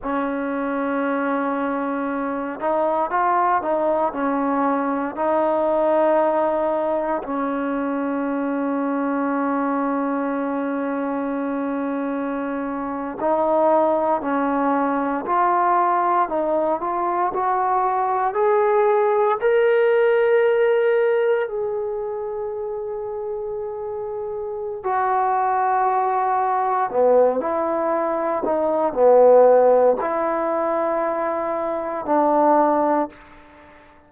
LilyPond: \new Staff \with { instrumentName = "trombone" } { \time 4/4 \tempo 4 = 58 cis'2~ cis'8 dis'8 f'8 dis'8 | cis'4 dis'2 cis'4~ | cis'1~ | cis'8. dis'4 cis'4 f'4 dis'16~ |
dis'16 f'8 fis'4 gis'4 ais'4~ ais'16~ | ais'8. gis'2.~ gis'16 | fis'2 b8 e'4 dis'8 | b4 e'2 d'4 | }